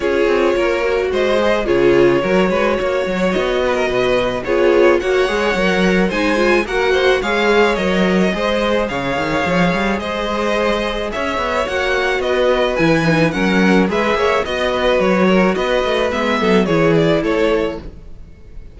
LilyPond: <<
  \new Staff \with { instrumentName = "violin" } { \time 4/4 \tempo 4 = 108 cis''2 dis''4 cis''4~ | cis''2 dis''2 | cis''4 fis''2 gis''4 | fis''4 f''4 dis''2 |
f''2 dis''2 | e''4 fis''4 dis''4 gis''4 | fis''4 e''4 dis''4 cis''4 | dis''4 e''4 cis''8 d''8 cis''4 | }
  \new Staff \with { instrumentName = "violin" } { \time 4/4 gis'4 ais'4 c''4 gis'4 | ais'8 b'8 cis''4. b'16 ais'16 b'4 | gis'4 cis''2 c''4 | ais'8 c''8 cis''2 c''4 |
cis''2 c''2 | cis''2 b'2 | ais'4 b'8 cis''8 dis''8 b'4 ais'8 | b'4. a'8 gis'4 a'4 | }
  \new Staff \with { instrumentName = "viola" } { \time 4/4 f'4. fis'4 gis'8 f'4 | fis'1 | f'4 fis'8 gis'8 ais'4 dis'8 f'8 | fis'4 gis'4 ais'4 gis'4~ |
gis'1~ | gis'4 fis'2 e'8 dis'8 | cis'4 gis'4 fis'2~ | fis'4 b4 e'2 | }
  \new Staff \with { instrumentName = "cello" } { \time 4/4 cis'8 c'8 ais4 gis4 cis4 | fis8 gis8 ais8 fis8 b4 b,4 | b4 ais8 gis8 fis4 gis4 | ais4 gis4 fis4 gis4 |
cis8 dis8 f8 g8 gis2 | cis'8 b8 ais4 b4 e4 | fis4 gis8 ais8 b4 fis4 | b8 a8 gis8 fis8 e4 a4 | }
>>